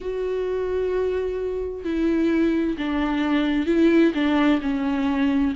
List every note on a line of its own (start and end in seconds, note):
0.00 1.84 F#4
1.84 2.77 E4
2.77 3.66 D4
3.66 4.12 E4
4.14 4.60 D4
4.61 5.53 C#4